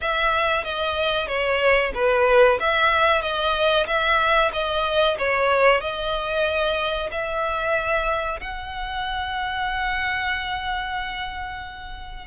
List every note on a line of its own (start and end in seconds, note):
0.01 0.64 E5
0.64 1.27 D#5
1.27 1.92 C#5
1.94 2.58 B4
2.60 3.21 E5
3.21 3.86 D#5
3.86 4.51 E5
4.52 5.17 D#5
5.18 5.81 C#5
5.81 7.10 D#5
7.11 8.40 E5
8.40 12.27 F#5